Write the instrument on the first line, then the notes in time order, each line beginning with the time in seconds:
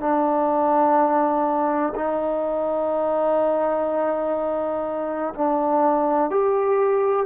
trombone
0.00 D4
1.95 D#4
5.34 D4
6.30 G4